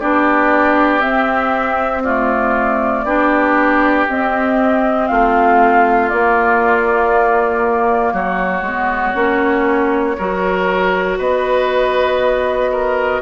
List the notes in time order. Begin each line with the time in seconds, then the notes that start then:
0.00 B3 D4 G4 D5
1.01 C4 E5
2.03 A3 F4 D5
3.04 B3 D4 G4
4.09 C4 D#5
5.08 A3 F4 F5
6.10 A#3 D5
8.14 F#3 F#4 C#5
8.62 G#3 B3
9.15 A#3 C#4
10.18 F#3 F#4 A#4
11.19 B3 B4 D#5
12.72 A#4